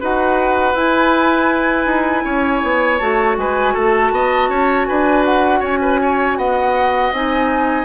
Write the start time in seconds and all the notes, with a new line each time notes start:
0.00 D#4 F#4 B4 F#5
0.74 E4 G#5
1.85 D#4
2.25 C#4 C#5
2.63 B3
2.99 A3 F#4 A5
3.37 G#3 B4 G#5
3.74 A3 A4 A5
4.11 B3 D#5
4.49 C#4 C#5
4.86 D4 B4 G#5
5.25 F#5
5.60 C#4 C#5 G#5
5.81 B4
6.02 C#5
6.37 B3 D#5 F#5
7.12 C4 D#4 G#5